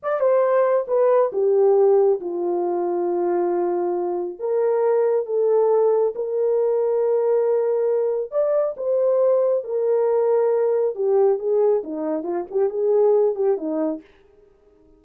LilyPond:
\new Staff \with { instrumentName = "horn" } { \time 4/4 \tempo 4 = 137 d''8 c''4. b'4 g'4~ | g'4 f'2.~ | f'2 ais'2 | a'2 ais'2~ |
ais'2. d''4 | c''2 ais'2~ | ais'4 g'4 gis'4 dis'4 | f'8 g'8 gis'4. g'8 dis'4 | }